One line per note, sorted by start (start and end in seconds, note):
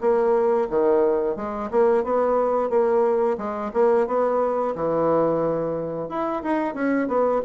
0.00 0.67 A#3
0.70 1.36 D#3
1.36 1.69 G#3
1.70 2.04 A#3
2.04 2.70 B3
2.70 3.37 A#3
3.37 3.71 G#3
3.73 4.07 A#3
4.07 4.74 B3
4.75 6.09 E3
6.09 6.42 E4
6.43 6.74 D#4
6.74 7.07 C#4
7.07 7.41 B3